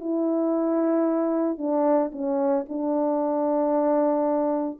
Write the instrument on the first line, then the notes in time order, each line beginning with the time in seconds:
horn
0.00 E4
1.58 D4
2.12 C#4
2.68 D4